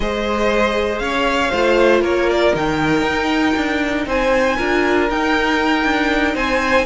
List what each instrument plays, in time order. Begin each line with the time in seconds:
0.00 cello G#3, viola G#4, violin C5 D#5
0.98 cello C#4, violin C#5 F5
1.50 cello A3, viola F4, violin C5
2.01 cello A#3, violin A#4 C#5
2.29 violin D5
2.54 cello D#3, viola D#4, violin G5
3.02 cello D#4
3.56 cello D4
4.06 cello C4, violin C5 G#5
4.57 cello D4, viola F4, violin A#4
5.09 cello D#4, viola D#4, violin G5
5.84 cello D4
6.34 cello C4, violin C5 G#5